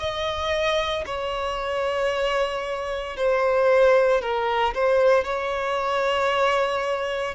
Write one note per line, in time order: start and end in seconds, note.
0.00 1.05 D#5
1.06 3.17 C#5
3.17 4.22 C5
4.22 4.74 A#4
4.75 5.25 C5
5.25 7.35 C#5